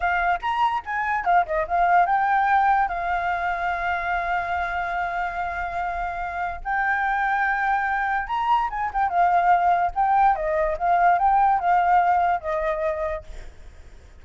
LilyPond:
\new Staff \with { instrumentName = "flute" } { \time 4/4 \tempo 4 = 145 f''4 ais''4 gis''4 f''8 dis''8 | f''4 g''2 f''4~ | f''1~ | f''1 |
g''1 | ais''4 gis''8 g''8 f''2 | g''4 dis''4 f''4 g''4 | f''2 dis''2 | }